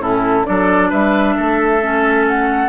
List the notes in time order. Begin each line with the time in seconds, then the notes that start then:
0.00 A2 C#4 E4 A4
0.45 F#3 D4 A4 D5
0.89 G3 B4 E5
1.36 A3 A4
1.81 C#4
2.27 F#5